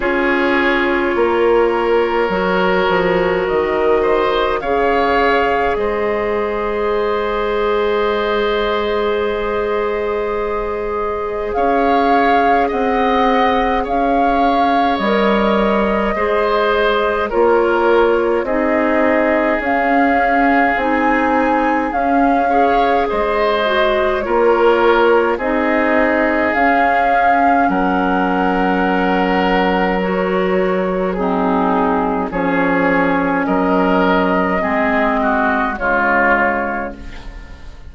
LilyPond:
<<
  \new Staff \with { instrumentName = "flute" } { \time 4/4 \tempo 4 = 52 cis''2. dis''4 | f''4 dis''2.~ | dis''2 f''4 fis''4 | f''4 dis''2 cis''4 |
dis''4 f''4 gis''4 f''4 | dis''4 cis''4 dis''4 f''4 | fis''2 cis''4 gis'4 | cis''4 dis''2 cis''4 | }
  \new Staff \with { instrumentName = "oboe" } { \time 4/4 gis'4 ais'2~ ais'8 c''8 | cis''4 c''2.~ | c''2 cis''4 dis''4 | cis''2 c''4 ais'4 |
gis'2.~ gis'8 cis''8 | c''4 ais'4 gis'2 | ais'2. dis'4 | gis'4 ais'4 gis'8 fis'8 f'4 | }
  \new Staff \with { instrumentName = "clarinet" } { \time 4/4 f'2 fis'2 | gis'1~ | gis'1~ | gis'4 ais'4 gis'4 f'4 |
dis'4 cis'4 dis'4 cis'8 gis'8~ | gis'8 fis'8 f'4 dis'4 cis'4~ | cis'2 fis'4 c'4 | cis'2 c'4 gis4 | }
  \new Staff \with { instrumentName = "bassoon" } { \time 4/4 cis'4 ais4 fis8 f8 dis4 | cis4 gis2.~ | gis2 cis'4 c'4 | cis'4 g4 gis4 ais4 |
c'4 cis'4 c'4 cis'4 | gis4 ais4 c'4 cis'4 | fis1 | f4 fis4 gis4 cis4 | }
>>